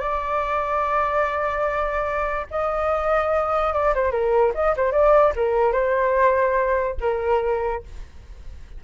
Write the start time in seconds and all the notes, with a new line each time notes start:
0.00 D5
2.50 D#5
3.73 D5
3.95 C5
4.11 A#4
4.55 D#5
4.77 C5
4.92 D5
5.36 A#4
5.72 C5
7.01 A#4